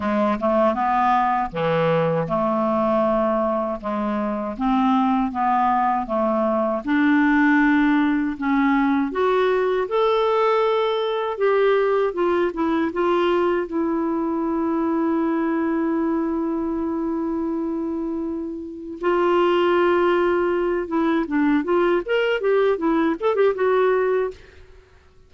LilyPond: \new Staff \with { instrumentName = "clarinet" } { \time 4/4 \tempo 4 = 79 gis8 a8 b4 e4 a4~ | a4 gis4 c'4 b4 | a4 d'2 cis'4 | fis'4 a'2 g'4 |
f'8 e'8 f'4 e'2~ | e'1~ | e'4 f'2~ f'8 e'8 | d'8 f'8 ais'8 g'8 e'8 a'16 g'16 fis'4 | }